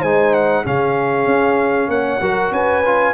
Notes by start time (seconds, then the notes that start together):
0.00 G#3 D#4 C5 G#5
0.34 F#5
0.65 C#3 C#4 G#4 F5
1.26 C#4
1.89 A#3 C#5 F#5
2.21 F#3 F#4 A#4
2.51 C#4 B4 G#5
2.86 F4